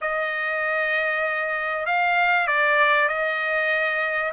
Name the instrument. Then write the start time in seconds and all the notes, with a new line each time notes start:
trumpet
0.01 D#5
1.86 F5
2.47 D5
3.08 D#5